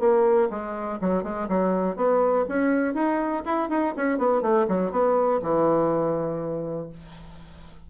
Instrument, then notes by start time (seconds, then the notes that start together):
bassoon
0.00 A#3
0.50 G#3
1.01 F#3
1.24 G#3
1.49 F#3
1.96 B3
2.49 C#4
2.94 D#4
3.46 E4
3.70 D#4
3.97 C#4
4.18 B3
4.42 A3
4.68 F#3
4.92 B3
5.42 E3